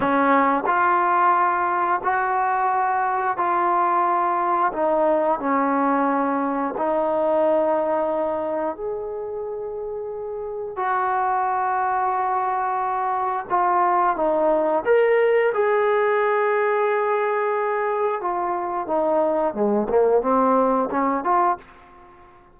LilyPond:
\new Staff \with { instrumentName = "trombone" } { \time 4/4 \tempo 4 = 89 cis'4 f'2 fis'4~ | fis'4 f'2 dis'4 | cis'2 dis'2~ | dis'4 gis'2. |
fis'1 | f'4 dis'4 ais'4 gis'4~ | gis'2. f'4 | dis'4 gis8 ais8 c'4 cis'8 f'8 | }